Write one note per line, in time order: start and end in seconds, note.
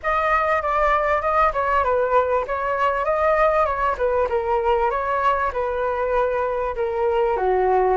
0.03 0.62 D#5
0.62 1.21 D5
1.21 1.52 D#5
1.53 1.83 C#5
1.84 2.45 B4
2.47 3.04 C#5
3.04 3.65 D#5
3.65 3.96 C#5
3.97 4.28 B4
4.29 4.90 A#4
4.90 5.51 C#5
5.52 6.75 B4
6.75 7.36 A#4
7.36 7.97 F#4